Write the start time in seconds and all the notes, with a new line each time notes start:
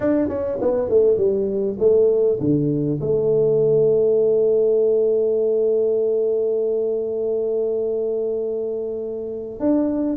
0.00 D4
0.28 C#4
0.61 B3
0.89 A3
1.17 G3
1.79 A3
2.39 D3
3.00 A3
9.59 D4